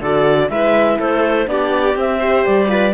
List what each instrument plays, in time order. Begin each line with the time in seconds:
0.00 cello D3, horn F#4, viola A4, clarinet D5
0.49 cello G#3, horn E4, viola B4, clarinet E5
0.98 cello A3, viola A4, clarinet C5
1.46 cello B3, horn D4, viola G4, clarinet D5
1.95 cello C4, horn C4, clarinet E5
2.20 horn G4, viola C5
2.45 cello G3, clarinet D5
2.67 horn F4, viola B4